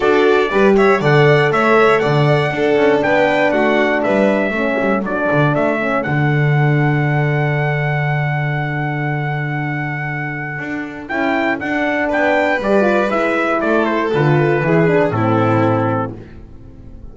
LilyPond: <<
  \new Staff \with { instrumentName = "trumpet" } { \time 4/4 \tempo 4 = 119 d''4. e''8 fis''4 e''4 | fis''2 g''4 fis''4 | e''2 d''4 e''4 | fis''1~ |
fis''1~ | fis''2 g''4 fis''4 | g''4 d''4 e''4 d''8 c''8 | b'2 a'2 | }
  \new Staff \with { instrumentName = "violin" } { \time 4/4 a'4 b'8 cis''8 d''4 cis''4 | d''4 a'4 b'4 fis'4 | b'4 a'2.~ | a'1~ |
a'1~ | a'1 | b'2. a'4~ | a'4 gis'4 e'2 | }
  \new Staff \with { instrumentName = "horn" } { \time 4/4 fis'4 g'4 a'2~ | a'4 d'2.~ | d'4 cis'4 d'4. cis'8 | d'1~ |
d'1~ | d'2 e'4 d'4~ | d'4 g'8 f'8 e'2 | f'4 e'8 d'8 c'2 | }
  \new Staff \with { instrumentName = "double bass" } { \time 4/4 d'4 g4 d4 a4 | d4 d'8 cis'8 b4 a4 | g4 a8 g8 fis8 d8 a4 | d1~ |
d1~ | d4 d'4 cis'4 d'4 | b4 g4 gis4 a4 | d4 e4 a,2 | }
>>